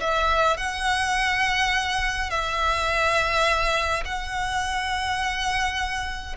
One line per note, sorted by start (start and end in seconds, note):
0.00 0.57 E5
0.57 2.30 F#5
2.30 4.03 E5
4.05 6.35 F#5